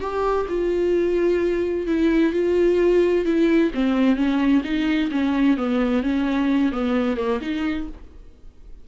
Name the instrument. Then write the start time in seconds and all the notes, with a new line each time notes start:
viola
0.00 G4
0.48 F4
1.87 E4
2.33 F4
3.25 E4
3.74 C4
4.16 C#4
4.64 D#4
5.11 C#4
5.57 B3
6.03 C#4
6.72 B3
7.16 A#3
7.41 D#4